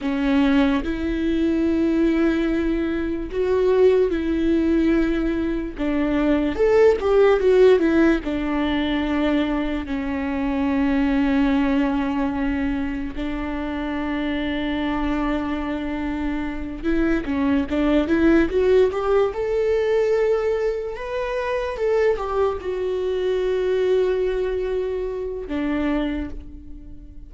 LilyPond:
\new Staff \with { instrumentName = "viola" } { \time 4/4 \tempo 4 = 73 cis'4 e'2. | fis'4 e'2 d'4 | a'8 g'8 fis'8 e'8 d'2 | cis'1 |
d'1~ | d'8 e'8 cis'8 d'8 e'8 fis'8 g'8 a'8~ | a'4. b'4 a'8 g'8 fis'8~ | fis'2. d'4 | }